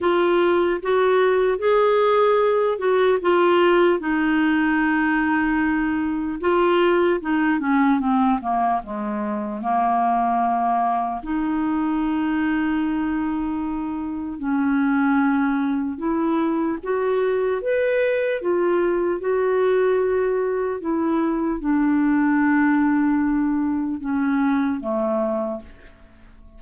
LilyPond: \new Staff \with { instrumentName = "clarinet" } { \time 4/4 \tempo 4 = 75 f'4 fis'4 gis'4. fis'8 | f'4 dis'2. | f'4 dis'8 cis'8 c'8 ais8 gis4 | ais2 dis'2~ |
dis'2 cis'2 | e'4 fis'4 b'4 f'4 | fis'2 e'4 d'4~ | d'2 cis'4 a4 | }